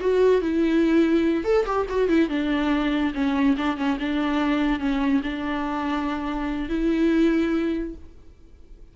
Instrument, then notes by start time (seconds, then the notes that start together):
viola
0.00 F#4
0.41 E4
1.44 A4
1.65 G4
1.89 F#4
2.08 E4
2.29 D4
3.14 C#4
3.56 D4
3.76 C#4
3.99 D4
4.79 C#4
5.23 D4
6.68 E4